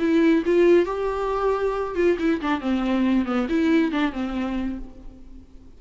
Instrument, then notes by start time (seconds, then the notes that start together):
viola
0.00 E4
0.46 F4
0.86 G4
1.96 F4
2.19 E4
2.42 D4
2.61 C4
3.26 B3
3.50 E4
3.92 D4
4.13 C4